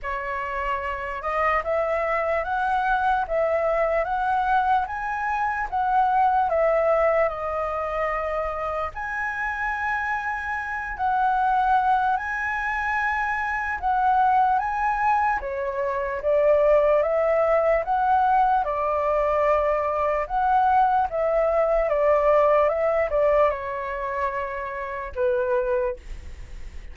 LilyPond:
\new Staff \with { instrumentName = "flute" } { \time 4/4 \tempo 4 = 74 cis''4. dis''8 e''4 fis''4 | e''4 fis''4 gis''4 fis''4 | e''4 dis''2 gis''4~ | gis''4. fis''4. gis''4~ |
gis''4 fis''4 gis''4 cis''4 | d''4 e''4 fis''4 d''4~ | d''4 fis''4 e''4 d''4 | e''8 d''8 cis''2 b'4 | }